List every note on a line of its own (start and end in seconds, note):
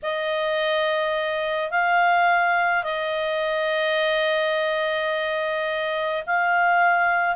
0.02 1.71 D#5
1.71 2.83 F5
2.83 6.23 D#5
6.26 7.36 F5